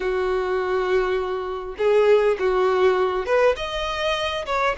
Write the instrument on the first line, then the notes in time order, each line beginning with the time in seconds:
violin
0.00 F#4
1.77 G#4
2.39 F#4
3.26 B4
3.56 D#5
4.46 C#5